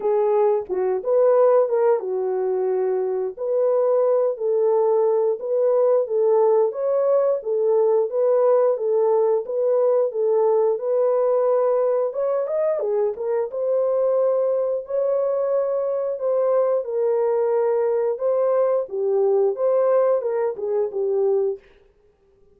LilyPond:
\new Staff \with { instrumentName = "horn" } { \time 4/4 \tempo 4 = 89 gis'4 fis'8 b'4 ais'8 fis'4~ | fis'4 b'4. a'4. | b'4 a'4 cis''4 a'4 | b'4 a'4 b'4 a'4 |
b'2 cis''8 dis''8 gis'8 ais'8 | c''2 cis''2 | c''4 ais'2 c''4 | g'4 c''4 ais'8 gis'8 g'4 | }